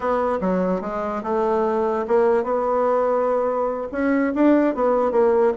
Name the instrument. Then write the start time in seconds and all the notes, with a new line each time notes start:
bassoon
0.00 B3
0.41 F#3
0.81 G#3
1.23 A3
2.07 A#3
2.43 B3
3.92 C#4
4.34 D4
4.74 B3
5.11 A#3